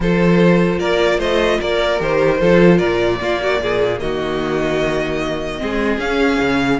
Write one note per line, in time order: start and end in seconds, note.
0.00 0.79 F3
0.00 1.98 F4
0.00 0.79 A4
0.00 0.79 C5
0.79 1.18 A#3
0.79 1.18 A#4
0.79 1.19 D5
1.18 1.58 A3
1.18 1.58 C5
1.18 1.60 D#5
1.60 2.00 A#3
1.60 2.40 A#4
1.60 2.01 D5
1.98 2.40 D#3
1.98 2.38 G4
1.98 2.78 C5
2.39 2.80 F3
2.39 3.19 F4
2.39 2.78 A4
2.78 3.20 A#2
2.78 3.18 A#4
2.78 3.98 D5
3.20 3.60 A#3
3.20 5.58 A#3
3.20 3.41 F4
3.41 3.61 F#4
3.61 4.00 A#2
3.61 4.01 G#4
3.99 5.60 D#3
3.99 5.60 F#4
3.99 5.99 D#5
5.58 5.98 G#3
5.58 5.98 C4
5.58 6.79 G#4
5.98 6.38 C#4
5.98 6.79 C#4
5.98 6.79 F5
6.40 6.79 C#3